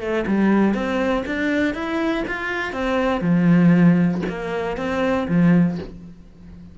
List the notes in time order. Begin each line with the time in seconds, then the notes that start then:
0.00 A3
0.27 G3
0.74 C4
1.26 D4
1.74 E4
2.27 F4
2.73 C4
3.21 F3
4.29 A#3
4.77 C4
5.28 F3